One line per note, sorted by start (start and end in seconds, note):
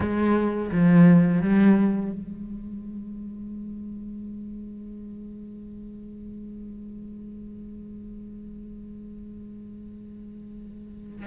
0.00 0.70 G#3
0.71 1.41 F3
1.41 2.11 G3
2.12 11.26 G#3